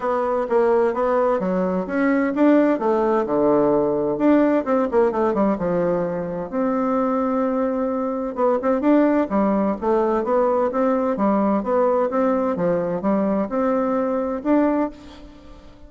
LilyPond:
\new Staff \with { instrumentName = "bassoon" } { \time 4/4 \tempo 4 = 129 b4 ais4 b4 fis4 | cis'4 d'4 a4 d4~ | d4 d'4 c'8 ais8 a8 g8 | f2 c'2~ |
c'2 b8 c'8 d'4 | g4 a4 b4 c'4 | g4 b4 c'4 f4 | g4 c'2 d'4 | }